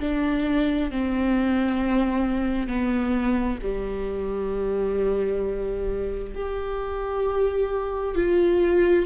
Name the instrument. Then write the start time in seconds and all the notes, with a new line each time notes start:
viola
0.00 D4
0.91 C4
2.68 B3
3.62 G3
6.35 G4
8.15 F4